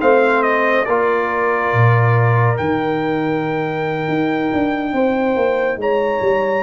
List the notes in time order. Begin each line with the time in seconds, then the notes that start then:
0.00 A3 C4 C5 F5
0.43 D#5
0.85 A#3 F4 A#4 D5
1.73 A#2
2.56 D#3 D#4 G5
4.08 D#4
4.53 D4
4.93 C4 C5
5.36 A#3
5.77 G#3 C#5 A#5
6.22 G3